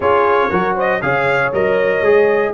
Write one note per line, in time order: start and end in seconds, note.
0.00 0.49 C#4
0.00 0.50 F4
0.00 0.50 G#4
0.00 0.76 C#5
0.50 1.02 F#3
0.50 1.01 F#4
0.50 0.75 A#4
0.75 1.01 C5
0.75 1.01 D#5
1.01 1.53 C#3
1.01 1.52 G#4
1.01 2.53 C#5
1.01 1.52 F5
1.53 2.01 F#3
1.53 2.04 A#4
1.53 2.53 D#5
2.01 2.52 G#3
2.01 2.53 G#4